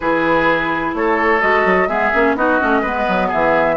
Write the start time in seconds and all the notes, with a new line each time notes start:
0.00 E3 E4 G#4 B4
0.94 A3 A4 C#5
1.40 G#3 F#4 D#5
1.65 F#3
1.87 G#3 B3 G#4 E5
2.13 A#3 C#4
2.35 B3 D#4 F#4 D#5
2.60 A3 C#4
2.81 G#3 B3 B4
3.08 F#3
3.28 E3 G#4 E5